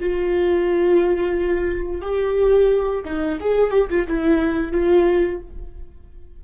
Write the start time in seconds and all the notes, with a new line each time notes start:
0.00 F4
2.02 G4
3.05 D#4
3.41 G#4
3.71 G4
3.90 F4
4.08 E4
4.72 F4